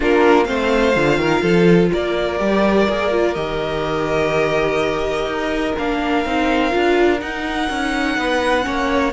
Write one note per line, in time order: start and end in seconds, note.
0.00 0.48 A#3
0.00 0.45 D4
0.00 0.46 F4
0.00 0.45 A#4
0.45 0.96 A3
0.45 0.93 C4
0.45 1.19 C5
0.45 1.89 F5
0.96 1.17 D3
0.96 2.38 F4
1.17 1.41 D#3
1.17 1.42 A#4
1.42 1.90 F3
1.42 1.90 A4
1.92 2.40 A#3
1.92 8.16 A#4
1.92 3.34 D5
2.38 2.88 G3
2.38 2.86 G4
2.89 3.35 A#3
2.89 3.11 G#4
3.11 3.35 F4
3.34 5.25 D#3
3.34 5.75 G4
3.34 5.74 D#5
5.25 5.73 D#4
5.78 6.25 A#3
5.78 6.25 D4
5.78 7.20 F5
6.25 6.73 C4
6.25 6.70 D#4
6.70 7.21 D4
6.70 7.18 F4
7.19 8.62 D#4
7.19 7.69 D#4
7.19 9.12 F#5
7.69 8.17 C#4
8.16 8.65 B3
8.16 8.64 B4
8.62 9.12 A#3
8.62 9.10 C#4
8.62 9.12 C#5